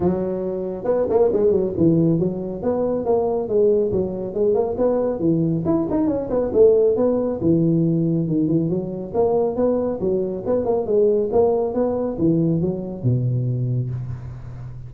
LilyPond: \new Staff \with { instrumentName = "tuba" } { \time 4/4 \tempo 4 = 138 fis2 b8 ais8 gis8 fis8 | e4 fis4 b4 ais4 | gis4 fis4 gis8 ais8 b4 | e4 e'8 dis'8 cis'8 b8 a4 |
b4 e2 dis8 e8 | fis4 ais4 b4 fis4 | b8 ais8 gis4 ais4 b4 | e4 fis4 b,2 | }